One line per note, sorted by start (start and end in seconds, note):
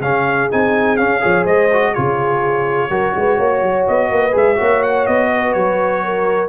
0.00 0.48 C#3
0.00 0.50 C#4
0.00 1.22 G#4
0.00 0.49 F5
0.50 0.99 C4
0.50 0.98 D#4
0.50 0.97 G#5
0.97 1.20 C#4
0.97 1.23 C#4
0.97 1.45 F5
1.20 1.46 F3
1.20 1.68 G#4
1.20 1.43 C#5
1.43 1.94 G#3
1.43 1.91 C5
1.43 1.94 D#5
1.73 1.95 F#4
1.93 2.90 C#3
1.93 2.90 F4
1.93 2.89 G#4
1.93 3.86 C#5
2.90 3.14 F#3
2.90 4.31 F#4
2.90 3.14 A#4
3.16 3.39 G#3
3.16 3.37 B4
3.37 3.62 A#3
3.37 4.09 C#5
3.62 3.86 F#3
3.88 4.10 B3
3.88 4.36 D#5
4.10 4.34 A#3
4.10 4.57 B4
4.31 4.59 G#3
4.31 4.55 G#4
4.31 4.83 E5
4.55 5.07 A#3
4.55 6.47 F#4
4.55 5.29 C#5
4.83 5.06 F#5
5.06 5.55 B3
5.06 5.53 D#5
5.32 6.04 B4
5.53 6.49 F#3
5.53 6.49 C#5
6.04 6.49 A#4